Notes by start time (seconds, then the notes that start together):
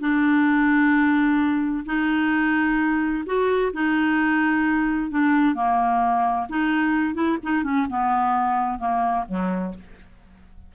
0.00 D4
1.85 D#4
3.25 F#4
3.73 D#4
5.10 D4
5.54 A#3
6.49 D#4
7.14 E4
7.43 D#4
7.63 C#4
7.89 B3
8.78 A#3
9.28 F#3